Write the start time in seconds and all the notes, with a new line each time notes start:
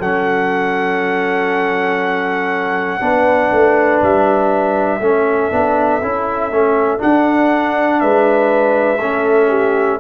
0.00 F#3 C#4 A4 F#5
3.01 B3 D4 B4
3.52 A3
4.02 G3 E5
5.00 A3 C#4 A4
5.52 B3 D4
6.03 C#4 E4
6.51 A3 C#4
6.98 D4 F#5
8.01 G#3 B4 E5
9.00 A3 C#4 A4
9.49 G4